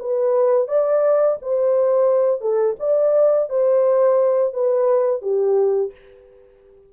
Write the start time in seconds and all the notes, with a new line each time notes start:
0.00 B4
0.68 D5
1.42 C5
2.42 A4
2.80 D5
3.50 C5
4.54 B4
5.22 G4